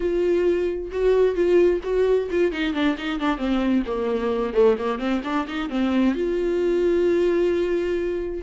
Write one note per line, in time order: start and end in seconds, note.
0.00 0.90 F4
0.91 1.35 F#4
1.35 1.80 F4
1.83 2.29 F#4
2.31 2.52 F4
2.52 2.73 D#4
2.73 2.96 D4
2.97 3.19 D#4
3.19 3.37 D4
3.37 3.83 C4
3.86 4.53 A#3
4.53 4.76 A3
4.78 4.99 A#3
4.99 5.21 C4
5.24 5.46 D4
5.47 5.69 D#4
5.69 6.14 C4
6.14 8.42 F4